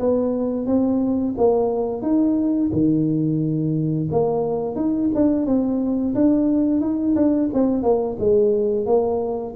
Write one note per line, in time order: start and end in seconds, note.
0.00 0.67 B3
0.67 1.35 C4
1.38 2.03 A#3
2.03 2.71 D#4
2.73 4.09 D#3
4.12 4.76 A#3
4.76 5.10 D#4
5.15 5.47 D4
5.47 6.15 C4
6.15 6.81 D4
6.81 7.15 D#4
7.16 7.50 D4
7.54 7.83 C4
7.83 8.17 A#3
8.20 8.87 G#3
8.87 9.55 A#3